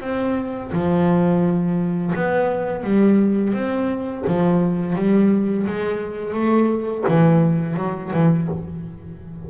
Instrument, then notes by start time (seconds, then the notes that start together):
double bass
0.00 C4
0.72 F3
2.15 B3
2.83 G3
3.53 C4
4.27 F3
4.95 G3
5.66 G#3
6.34 A3
7.07 E3
7.76 F#3
8.13 E3